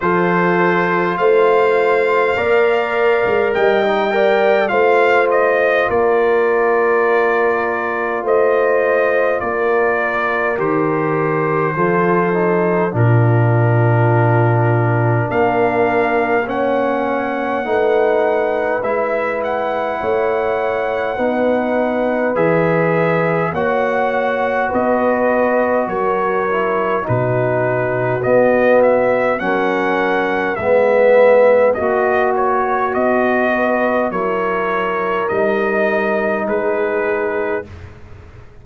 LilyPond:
<<
  \new Staff \with { instrumentName = "trumpet" } { \time 4/4 \tempo 4 = 51 c''4 f''2 g''4 | f''8 dis''8 d''2 dis''4 | d''4 c''2 ais'4~ | ais'4 f''4 fis''2 |
e''8 fis''2~ fis''8 e''4 | fis''4 dis''4 cis''4 b'4 | dis''8 e''8 fis''4 e''4 dis''8 cis''8 | dis''4 cis''4 dis''4 b'4 | }
  \new Staff \with { instrumentName = "horn" } { \time 4/4 a'4 c''4 d''4 dis''8 d''8 | c''4 ais'2 c''4 | ais'2 a'4 f'4~ | f'4 ais'4 cis''4 b'4~ |
b'4 cis''4 b'2 | cis''4 b'4 ais'4 fis'4~ | fis'4 ais'4 b'4 fis'4~ | fis'8 b'8 ais'2 gis'4 | }
  \new Staff \with { instrumentName = "trombone" } { \time 4/4 f'2 ais'4~ ais'16 dis'16 ais'8 | f'1~ | f'4 g'4 f'8 dis'8 d'4~ | d'2 cis'4 dis'4 |
e'2 dis'4 gis'4 | fis'2~ fis'8 e'8 dis'4 | b4 cis'4 b4 fis'4~ | fis'4 e'4 dis'2 | }
  \new Staff \with { instrumentName = "tuba" } { \time 4/4 f4 a4 ais8. gis16 g4 | a4 ais2 a4 | ais4 dis4 f4 ais,4~ | ais,4 ais2 a4 |
gis4 a4 b4 e4 | ais4 b4 fis4 b,4 | b4 fis4 gis4 ais4 | b4 fis4 g4 gis4 | }
>>